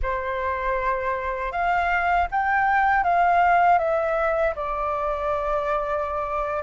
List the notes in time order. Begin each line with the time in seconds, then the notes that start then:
0.02 C5
1.52 F5
2.31 G5
3.03 F5
3.78 E5
4.55 D5